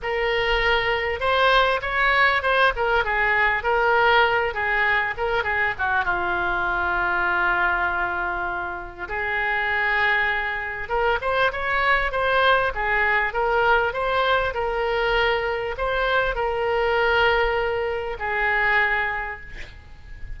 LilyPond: \new Staff \with { instrumentName = "oboe" } { \time 4/4 \tempo 4 = 99 ais'2 c''4 cis''4 | c''8 ais'8 gis'4 ais'4. gis'8~ | gis'8 ais'8 gis'8 fis'8 f'2~ | f'2. gis'4~ |
gis'2 ais'8 c''8 cis''4 | c''4 gis'4 ais'4 c''4 | ais'2 c''4 ais'4~ | ais'2 gis'2 | }